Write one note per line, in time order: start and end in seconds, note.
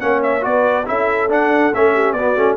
0.00 0.45 A#3
0.00 0.41 C#4
0.00 0.45 C#5
0.00 0.21 F#5
0.23 0.44 E5
0.41 0.88 B3
0.41 0.84 F#4
0.41 0.88 B4
0.41 0.87 D5
0.85 1.29 C#4
0.85 1.28 E4
0.85 1.93 A4
0.85 1.31 E5
1.29 1.72 D4
1.29 1.74 F#5
1.74 2.13 A3
1.74 2.17 C#4
1.74 2.13 E5
1.93 2.15 G4
2.13 2.34 B3
2.13 2.36 B3
2.13 2.56 F#4
2.13 2.56 D5
2.36 2.56 A3
2.36 2.56 C#4